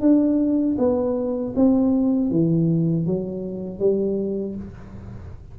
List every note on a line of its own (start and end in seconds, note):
0.00 0.76 D4
0.78 1.54 B3
1.55 2.30 C4
2.30 3.06 E3
3.06 3.79 F#3
3.79 4.55 G3